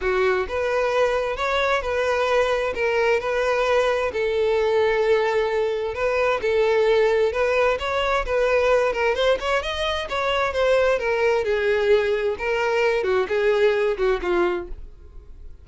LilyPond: \new Staff \with { instrumentName = "violin" } { \time 4/4 \tempo 4 = 131 fis'4 b'2 cis''4 | b'2 ais'4 b'4~ | b'4 a'2.~ | a'4 b'4 a'2 |
b'4 cis''4 b'4. ais'8 | c''8 cis''8 dis''4 cis''4 c''4 | ais'4 gis'2 ais'4~ | ais'8 fis'8 gis'4. fis'8 f'4 | }